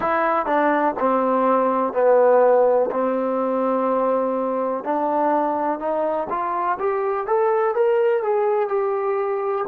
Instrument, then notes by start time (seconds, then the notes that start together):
trombone
0.00 E4
0.46 D4
0.99 C4
1.93 B3
2.91 C4
4.83 D4
5.79 D#4
6.29 F4
6.79 G4
7.26 A4
7.74 A#4
8.23 G#4
8.68 G4